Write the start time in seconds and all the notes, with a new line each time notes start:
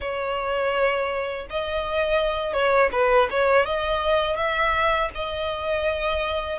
0.00 C#5
1.50 D#5
2.53 C#5
2.92 B4
3.30 C#5
3.65 D#5
4.36 E5
5.14 D#5